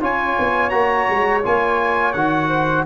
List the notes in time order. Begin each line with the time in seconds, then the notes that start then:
0.00 C#4 F4 C#5 G#5
0.39 B3
0.69 A#3 F#4 A#5
1.09 G#3
1.42 A#3 F4 G#5
2.13 D#3 F#4 F#5
2.48 C5